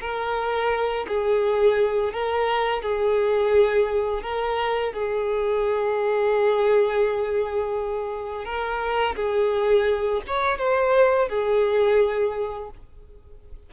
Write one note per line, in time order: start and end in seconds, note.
0.00 1.06 A#4
1.07 2.13 G#4
2.13 2.82 A#4
2.82 4.23 G#4
4.23 4.93 A#4
4.93 8.44 G#4
8.44 9.15 A#4
9.15 10.21 G#4
10.27 10.58 C#5
10.58 11.28 C5
11.28 12.70 G#4